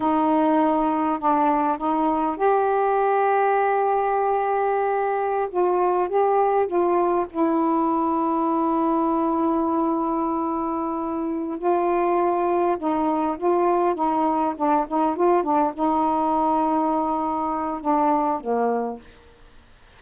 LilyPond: \new Staff \with { instrumentName = "saxophone" } { \time 4/4 \tempo 4 = 101 dis'2 d'4 dis'4 | g'1~ | g'4~ g'16 f'4 g'4 f'8.~ | f'16 e'2.~ e'8.~ |
e'2.~ e'8 f'8~ | f'4. dis'4 f'4 dis'8~ | dis'8 d'8 dis'8 f'8 d'8 dis'4.~ | dis'2 d'4 ais4 | }